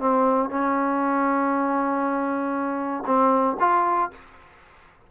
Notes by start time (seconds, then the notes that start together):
0.00 C4
0.50 C#4
3.06 C4
3.60 F4